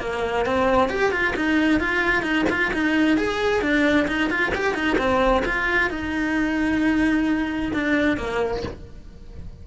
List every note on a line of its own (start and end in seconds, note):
0.00 0.45 A#3
0.45 0.89 C4
0.89 1.11 G4
1.11 1.34 F4
1.36 1.80 D#4
1.80 2.22 F4
2.22 2.45 D#4
2.49 2.72 F4
2.73 3.17 D#4
3.17 3.61 G#4
3.61 4.07 D4
4.08 4.30 D#4
4.30 4.52 F4
4.55 4.74 G4
4.74 4.97 D#4
4.98 5.43 C4
5.45 5.90 F4
5.90 7.72 D#4
7.73 8.17 D4
8.17 8.63 A#3